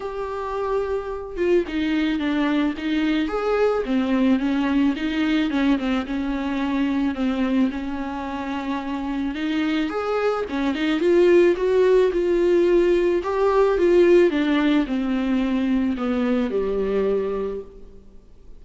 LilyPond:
\new Staff \with { instrumentName = "viola" } { \time 4/4 \tempo 4 = 109 g'2~ g'8 f'8 dis'4 | d'4 dis'4 gis'4 c'4 | cis'4 dis'4 cis'8 c'8 cis'4~ | cis'4 c'4 cis'2~ |
cis'4 dis'4 gis'4 cis'8 dis'8 | f'4 fis'4 f'2 | g'4 f'4 d'4 c'4~ | c'4 b4 g2 | }